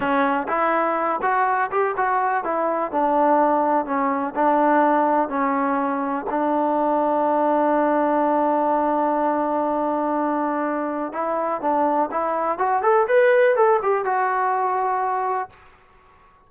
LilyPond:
\new Staff \with { instrumentName = "trombone" } { \time 4/4 \tempo 4 = 124 cis'4 e'4. fis'4 g'8 | fis'4 e'4 d'2 | cis'4 d'2 cis'4~ | cis'4 d'2.~ |
d'1~ | d'2. e'4 | d'4 e'4 fis'8 a'8 b'4 | a'8 g'8 fis'2. | }